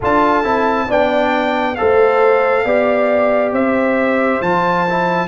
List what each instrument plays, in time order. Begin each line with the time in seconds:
0.00 tuba D4, trombone F4, horn A4, trumpet A5
0.43 tuba C4, trombone E4
0.87 tuba B3, trombone D4, horn D5, trumpet G5
1.75 trombone A4, horn C5, trumpet F5
1.81 tuba A3
2.64 tuba B3, trombone G4, horn D5
3.52 tuba C4, horn C5, trumpet E5
4.41 tuba F3, trombone F4, trumpet A5
4.89 trombone E4